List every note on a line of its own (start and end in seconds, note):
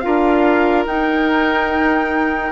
0.00 0.86 D4
0.00 0.86 F4
0.00 2.51 A#4
0.00 0.83 F5
0.86 2.51 D#4
0.86 2.51 G5